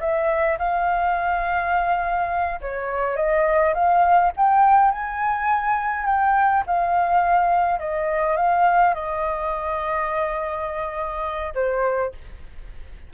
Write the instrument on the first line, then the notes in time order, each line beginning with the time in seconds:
flute
0.00 E5
0.58 F5
2.61 C#5
3.16 D#5
3.74 F5
4.36 G5
4.91 G#5
6.06 G5
6.66 F5
7.79 D#5
8.36 F5
8.94 D#5
11.54 C5